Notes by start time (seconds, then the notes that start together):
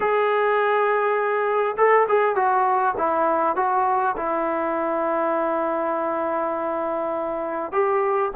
0.00 G#4
1.77 A4
2.08 G#4
2.35 F#4
2.97 E4
3.56 F#4
4.16 E4
7.72 G4